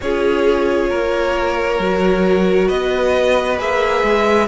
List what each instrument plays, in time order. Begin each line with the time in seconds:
0.01 cello C#4, viola F4, violin G#4 C#5
0.89 cello A#3, violin A#4
1.79 cello F#3, viola F#4
2.68 cello B3, violin B4 D#5
3.58 cello A#3, viola G#4, violin E5
4.03 cello G#3